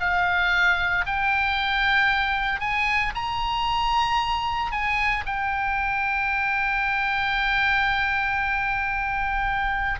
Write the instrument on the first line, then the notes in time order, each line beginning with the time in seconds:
oboe
0.00 F5
1.06 G5
2.60 G#5
3.14 A#5
4.71 G#5
5.26 G5